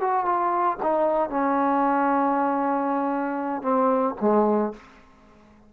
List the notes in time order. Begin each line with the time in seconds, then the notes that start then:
0.00 F#4
0.25 F4
0.82 D#4
1.30 C#4
3.62 C4
4.21 G#3